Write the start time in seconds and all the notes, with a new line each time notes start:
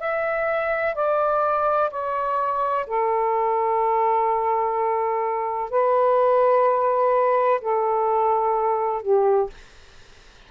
0.00 E5
0.95 D5
1.91 C#5
2.87 A4
5.71 B4
7.61 A4
9.03 G4